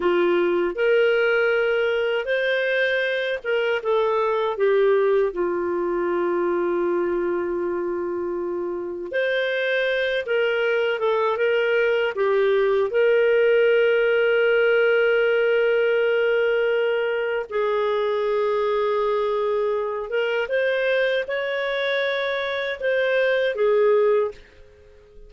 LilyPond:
\new Staff \with { instrumentName = "clarinet" } { \time 4/4 \tempo 4 = 79 f'4 ais'2 c''4~ | c''8 ais'8 a'4 g'4 f'4~ | f'1 | c''4. ais'4 a'8 ais'4 |
g'4 ais'2.~ | ais'2. gis'4~ | gis'2~ gis'8 ais'8 c''4 | cis''2 c''4 gis'4 | }